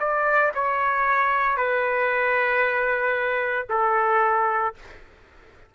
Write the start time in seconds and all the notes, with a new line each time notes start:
0.00 D5
0.55 C#5
1.57 B4
3.70 A4